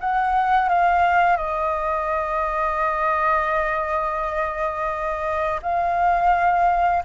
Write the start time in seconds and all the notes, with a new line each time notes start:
0.00 F#5
0.69 F5
1.37 D#5
5.62 F5